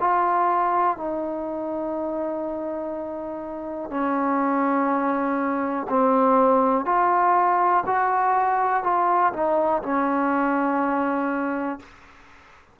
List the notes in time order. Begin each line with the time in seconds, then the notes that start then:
0.00 F4
0.97 D#4
3.90 C#4
5.90 C4
6.85 F4
7.86 F#4
8.83 F4
9.33 D#4
9.83 C#4